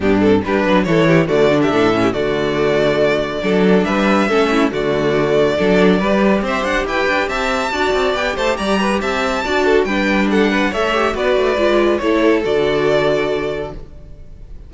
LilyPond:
<<
  \new Staff \with { instrumentName = "violin" } { \time 4/4 \tempo 4 = 140 g'8 a'8 b'4 cis''4 d''8. e''16~ | e''4 d''2.~ | d''4 e''2 d''4~ | d''2. e''8 fis''8 |
g''4 a''2 g''8 a''8 | ais''4 a''2 g''4 | fis''4 e''4 d''2 | cis''4 d''2. | }
  \new Staff \with { instrumentName = "violin" } { \time 4/4 d'4 g'8 b'8 a'8 g'8 fis'8. g'16 | a'8. g'16 fis'2. | a'4 b'4 a'8 e'8 fis'4~ | fis'4 a'4 b'4 c''4 |
b'4 e''4 d''4. c''8 | d''8 b'8 e''4 d''8 a'8 b'4 | a'8 b'8 cis''4 b'2 | a'1 | }
  \new Staff \with { instrumentName = "viola" } { \time 4/4 b8 c'8 d'4 e'4 a8 d'8~ | d'8 cis'8 a2. | d'2 cis'4 a4~ | a4 d'4 g'2~ |
g'2 fis'4 g'4~ | g'2 fis'4 d'4~ | d'4 a'8 g'8 fis'4 f'4 | e'4 fis'2. | }
  \new Staff \with { instrumentName = "cello" } { \time 4/4 g,4 g8 fis8 e4 d4 | a,4 d2. | fis4 g4 a4 d4~ | d4 fis4 g4 c'8 d'8 |
e'8 d'8 c'4 d'8 c'8 b8 a8 | g4 c'4 d'4 g4~ | g4 a4 b8 a8 gis4 | a4 d2. | }
>>